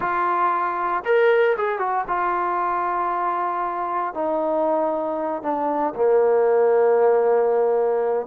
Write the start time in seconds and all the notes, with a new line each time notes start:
0.00 F4
1.04 A#4
1.57 G#4
1.78 F#4
2.07 F4
4.14 D#4
5.42 D4
5.95 A#3